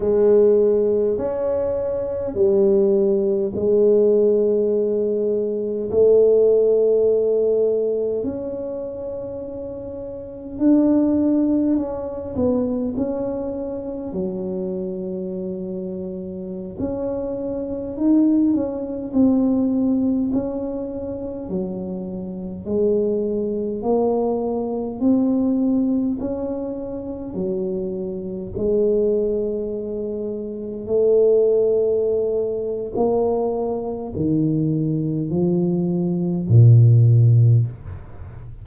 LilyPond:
\new Staff \with { instrumentName = "tuba" } { \time 4/4 \tempo 4 = 51 gis4 cis'4 g4 gis4~ | gis4 a2 cis'4~ | cis'4 d'4 cis'8 b8 cis'4 | fis2~ fis16 cis'4 dis'8 cis'16~ |
cis'16 c'4 cis'4 fis4 gis8.~ | gis16 ais4 c'4 cis'4 fis8.~ | fis16 gis2 a4.~ a16 | ais4 dis4 f4 ais,4 | }